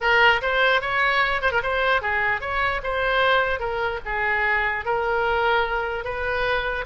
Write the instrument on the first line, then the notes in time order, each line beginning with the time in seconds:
oboe
0.00 A#4
0.41 C5
0.81 C#5
1.41 C5
1.51 A#4
1.62 C5
2.01 G#4
2.40 C#5
2.83 C5
3.59 A#4
4.05 G#4
4.85 A#4
6.04 B4